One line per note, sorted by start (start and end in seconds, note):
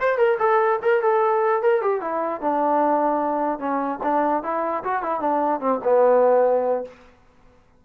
0.00 0.18 C5
0.18 0.38 A#4
0.39 0.80 A4
0.83 1.02 A#4
1.02 1.62 A4
1.62 1.82 A#4
1.82 2.01 G4
2.01 2.41 E4
2.41 3.59 D4
3.59 4.00 C#4
4.03 4.43 D4
4.43 4.84 E4
4.84 5.03 F#4
5.03 5.20 E4
5.20 5.60 D4
5.60 5.81 C4
5.84 6.85 B3